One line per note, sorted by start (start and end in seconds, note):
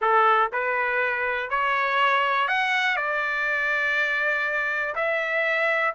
0.01 0.50 A4
0.52 1.50 B4
1.50 2.47 C#5
2.47 2.96 F#5
2.96 4.95 D5
4.95 5.94 E5